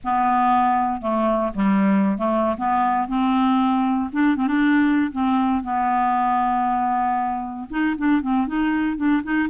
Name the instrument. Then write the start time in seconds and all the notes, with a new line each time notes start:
clarinet
0.03 B3
1.01 A3
1.54 G3
2.17 A3
2.57 B3
3.07 C4
4.12 D4
4.36 C4
4.47 D4
5.12 C4
5.63 B3
7.69 D#4
7.97 D4
8.21 C4
8.47 D#4
8.97 D4
9.23 D#4